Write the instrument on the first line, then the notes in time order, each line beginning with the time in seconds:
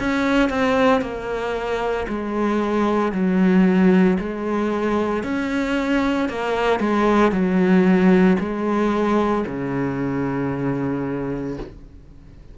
cello
0.00 C#4
0.49 C4
1.01 A#3
2.08 G#3
3.12 F#3
4.19 G#3
5.24 C#4
6.29 A#3
6.80 G#3
7.32 F#3
8.40 G#3
9.47 C#3